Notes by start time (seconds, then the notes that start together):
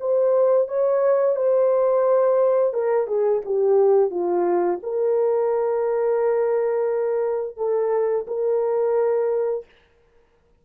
0.00 C5
0.68 C#5
1.36 C5
2.74 A#4
3.07 G#4
3.45 G4
4.10 F4
4.83 A#4
7.57 A4
8.27 A#4